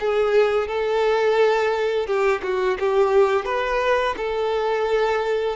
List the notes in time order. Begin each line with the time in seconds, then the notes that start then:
0.00 G#4
0.68 A4
2.07 G4
2.43 F#4
2.80 G4
3.45 B4
4.17 A4